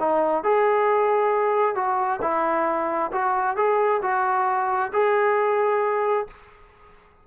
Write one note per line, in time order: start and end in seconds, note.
0.00 0.44 D#4
0.44 1.76 G#4
1.76 2.20 F#4
2.22 3.11 E4
3.12 3.57 F#4
3.57 4.02 G#4
4.02 4.92 F#4
4.93 6.28 G#4